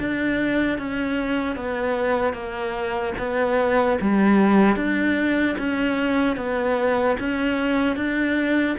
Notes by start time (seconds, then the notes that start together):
0.00 D4
0.78 C#4
1.56 B3
2.33 A#3
3.18 B3
4.01 G3
4.76 D4
5.58 C#4
6.36 B3
7.19 C#4
7.96 D4